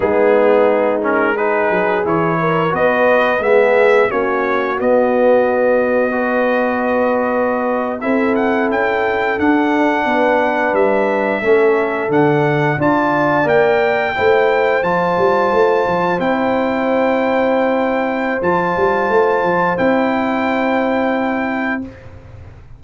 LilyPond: <<
  \new Staff \with { instrumentName = "trumpet" } { \time 4/4 \tempo 4 = 88 gis'4. ais'8 b'4 cis''4 | dis''4 e''4 cis''4 dis''4~ | dis''2.~ dis''8. e''16~ | e''16 fis''8 g''4 fis''2 e''16~ |
e''4.~ e''16 fis''4 a''4 g''16~ | g''4.~ g''16 a''2 g''16~ | g''2. a''4~ | a''4 g''2. | }
  \new Staff \with { instrumentName = "horn" } { \time 4/4 dis'2 gis'4. ais'8 | b'4 gis'4 fis'2~ | fis'4 b'2~ b'8. a'16~ | a'2~ a'8. b'4~ b'16~ |
b'8. a'2 d''4~ d''16~ | d''8. c''2.~ c''16~ | c''1~ | c''1 | }
  \new Staff \with { instrumentName = "trombone" } { \time 4/4 b4. cis'8 dis'4 e'4 | fis'4 b4 cis'4 b4~ | b4 fis'2~ fis'8. e'16~ | e'4.~ e'16 d'2~ d'16~ |
d'8. cis'4 d'4 f'4 ais'16~ | ais'8. e'4 f'2 e'16~ | e'2. f'4~ | f'4 e'2. | }
  \new Staff \with { instrumentName = "tuba" } { \time 4/4 gis2~ gis8 fis8 e4 | b4 gis4 ais4 b4~ | b2.~ b8. c'16~ | c'8. cis'4 d'4 b4 g16~ |
g8. a4 d4 d'4 ais16~ | ais8. a4 f8 g8 a8 f8 c'16~ | c'2. f8 g8 | a8 f8 c'2. | }
>>